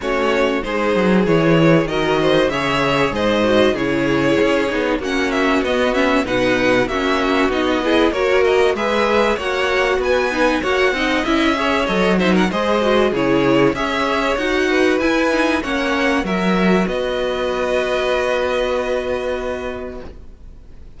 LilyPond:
<<
  \new Staff \with { instrumentName = "violin" } { \time 4/4 \tempo 4 = 96 cis''4 c''4 cis''4 dis''4 | e''4 dis''4 cis''2 | fis''8 e''8 dis''8 e''8 fis''4 e''4 | dis''4 cis''8 dis''8 e''4 fis''4 |
gis''4 fis''4 e''4 dis''8 e''16 fis''16 | dis''4 cis''4 e''4 fis''4 | gis''4 fis''4 e''4 dis''4~ | dis''1 | }
  \new Staff \with { instrumentName = "violin" } { \time 4/4 fis'4 gis'2 ais'8 c''8 | cis''4 c''4 gis'2 | fis'2 b'4 fis'4~ | fis'8 gis'8 ais'4 b'4 cis''4 |
b'4 cis''8 dis''4 cis''4 c''16 ais'16 | c''4 gis'4 cis''4. b'8~ | b'4 cis''4 ais'4 b'4~ | b'1 | }
  \new Staff \with { instrumentName = "viola" } { \time 4/4 cis'4 dis'4 e'4 fis'4 | gis'4. fis'8 e'4. dis'8 | cis'4 b8 cis'8 dis'4 cis'4 | dis'8 e'8 fis'4 gis'4 fis'4~ |
fis'8 dis'8 fis'8 dis'8 e'8 gis'8 a'8 dis'8 | gis'8 fis'8 e'4 gis'4 fis'4 | e'8 dis'8 cis'4 fis'2~ | fis'1 | }
  \new Staff \with { instrumentName = "cello" } { \time 4/4 a4 gis8 fis8 e4 dis4 | cis4 gis,4 cis4 cis'8 b8 | ais4 b4 b,4 ais4 | b4 ais4 gis4 ais4 |
b4 ais8 c'8 cis'4 fis4 | gis4 cis4 cis'4 dis'4 | e'4 ais4 fis4 b4~ | b1 | }
>>